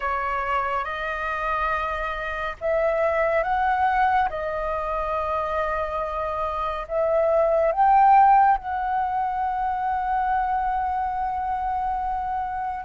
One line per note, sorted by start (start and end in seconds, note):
0.00 0.84 C#5
0.84 2.56 D#5
2.60 3.43 E5
3.43 4.29 F#5
4.29 6.86 D#5
6.88 7.72 E5
7.72 8.57 G5
8.57 12.85 F#5